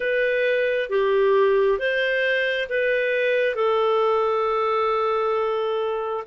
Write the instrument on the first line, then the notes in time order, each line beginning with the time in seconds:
clarinet
0.00 B4
0.90 G4
1.79 C5
2.69 B4
3.55 A4